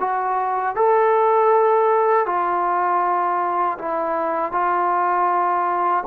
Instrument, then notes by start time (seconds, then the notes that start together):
trombone
0.00 F#4
0.76 A4
2.26 F4
3.79 E4
4.52 F4